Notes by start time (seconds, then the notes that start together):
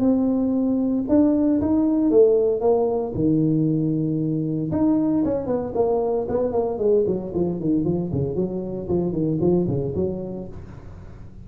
0.00 C4
1.08 D4
1.61 D#4
2.10 A3
2.61 A#3
3.14 D#3
4.71 D#4
5.24 C#4
5.46 B3
5.75 A#3
6.29 B3
6.52 A#3
6.78 G#3
7.06 F#3
7.34 F3
7.60 D#3
7.84 F3
8.12 C#3
8.35 F#3
8.88 F3
9.12 D#3
9.41 F3
9.68 C#3
9.95 F#3